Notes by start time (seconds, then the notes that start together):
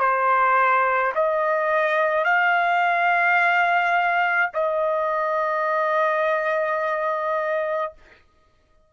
0.00 C5
1.15 D#5
2.25 F5
4.54 D#5